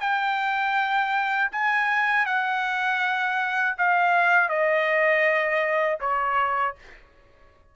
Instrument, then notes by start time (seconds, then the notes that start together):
trumpet
0.00 G5
1.51 G#5
2.25 F#5
3.77 F5
4.49 D#5
6.00 C#5